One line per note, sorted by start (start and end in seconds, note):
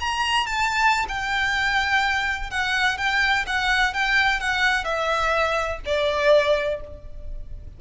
0.00 0.47 A#5
0.47 1.06 A5
1.09 2.51 G5
2.51 2.98 F#5
2.98 3.45 G5
3.47 3.94 F#5
3.94 4.40 G5
4.40 4.85 F#5
4.85 5.80 E5
5.86 6.81 D5